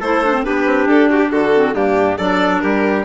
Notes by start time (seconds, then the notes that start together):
0.00 A3 E4 A4 C5
0.24 D4
0.33 C4
0.44 B3 D4 G4 B4
0.66 C4
0.86 D4 A4
1.10 F#4 G4
1.19 G4
1.31 D3 F#4 A4
1.53 C4
1.73 G2 A#3 D4 G4
2.17 F#3 D4 A4 D5
2.60 G3 G4 A#4